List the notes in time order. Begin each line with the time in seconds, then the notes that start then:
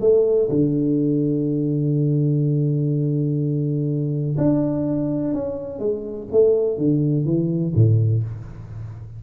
0.00 A3
0.49 D3
4.37 D4
5.34 C#4
5.79 G#3
6.31 A3
6.77 D3
7.24 E3
7.74 A2